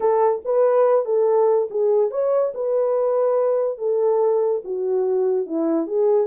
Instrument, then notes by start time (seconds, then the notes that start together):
horn
0.00 A4
0.44 B4
1.05 A4
1.70 G#4
2.11 C#5
2.54 B4
3.78 A4
4.64 F#4
5.46 E4
5.86 G#4